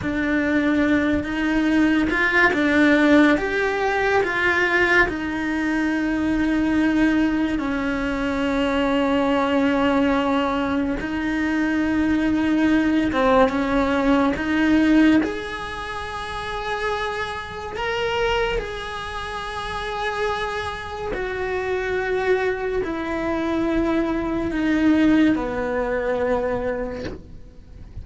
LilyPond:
\new Staff \with { instrumentName = "cello" } { \time 4/4 \tempo 4 = 71 d'4. dis'4 f'8 d'4 | g'4 f'4 dis'2~ | dis'4 cis'2.~ | cis'4 dis'2~ dis'8 c'8 |
cis'4 dis'4 gis'2~ | gis'4 ais'4 gis'2~ | gis'4 fis'2 e'4~ | e'4 dis'4 b2 | }